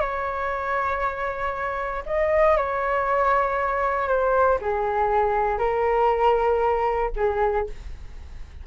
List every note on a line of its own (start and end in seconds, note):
0.00 2.03 C#5
2.06 2.57 D#5
2.57 4.08 C#5
4.08 4.59 C5
4.61 5.58 G#4
5.58 7.10 A#4
7.16 7.66 G#4